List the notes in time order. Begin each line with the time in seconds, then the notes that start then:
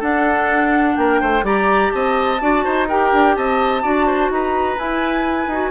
0.00 D4 A4 F#5
0.97 A#3 A#4 G5
1.21 A3 C5
1.43 G3 G4 D5 A#5
1.91 C4 D#5 A5
2.41 D4 F#4 D5
2.65 D#4 C5
2.89 G4 A#4 G5
3.13 D4
3.36 C4 D#5 A5
3.83 D4 F#4 D5
4.07 C5
4.30 D#4 B4 A#5
4.78 E4 G#5
5.48 D#4 F#4